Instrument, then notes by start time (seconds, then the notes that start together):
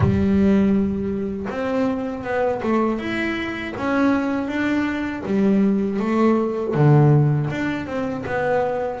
double bass
0.00 G3
1.49 C4
2.23 B3
2.62 A3
2.98 E4
3.77 C#4
4.47 D4
5.25 G3
5.99 A3
6.74 D3
7.50 D4
7.86 C4
8.26 B3